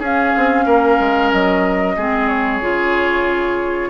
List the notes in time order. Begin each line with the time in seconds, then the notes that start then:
0.00 C#4 G#4 F5
0.37 C4
0.65 A#3 A#4
1.00 G#3
1.33 F#3 D#5
1.97 G#3 C4 G#4
2.29 C#5
2.62 C#3 F4